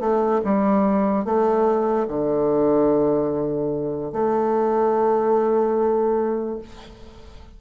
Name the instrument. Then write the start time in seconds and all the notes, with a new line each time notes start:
bassoon
0.00 A3
0.44 G3
1.25 A3
2.08 D3
4.12 A3